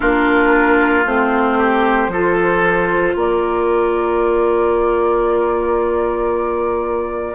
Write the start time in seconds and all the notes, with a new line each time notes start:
0.00 A#3 D4 F4 A#4
1.05 A3 C4 C5
1.58 G4
2.07 F3 F4 A4
3.15 A#3 A#4 D5